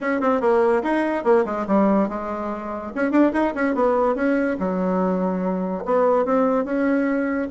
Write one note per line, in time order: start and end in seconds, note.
0.00 0.21 C#4
0.21 0.41 C4
0.41 0.82 A#3
0.83 1.24 D#4
1.24 1.45 A#3
1.45 1.66 G#3
1.67 2.09 G3
2.09 2.92 G#3
2.95 3.11 C#4
3.11 3.32 D4
3.32 3.53 D#4
3.54 3.74 C#4
3.74 4.15 B3
4.15 4.56 C#4
4.59 5.84 F#3
5.85 6.25 B3
6.25 6.65 C4
6.65 7.48 C#4